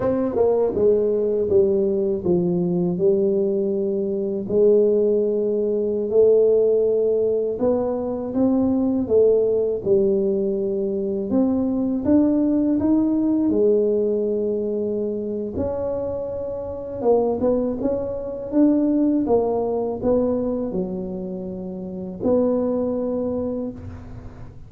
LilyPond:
\new Staff \with { instrumentName = "tuba" } { \time 4/4 \tempo 4 = 81 c'8 ais8 gis4 g4 f4 | g2 gis2~ | gis16 a2 b4 c'8.~ | c'16 a4 g2 c'8.~ |
c'16 d'4 dis'4 gis4.~ gis16~ | gis4 cis'2 ais8 b8 | cis'4 d'4 ais4 b4 | fis2 b2 | }